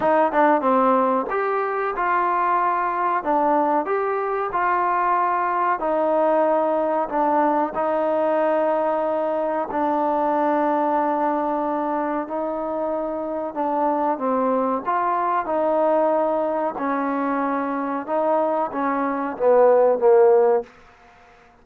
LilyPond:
\new Staff \with { instrumentName = "trombone" } { \time 4/4 \tempo 4 = 93 dis'8 d'8 c'4 g'4 f'4~ | f'4 d'4 g'4 f'4~ | f'4 dis'2 d'4 | dis'2. d'4~ |
d'2. dis'4~ | dis'4 d'4 c'4 f'4 | dis'2 cis'2 | dis'4 cis'4 b4 ais4 | }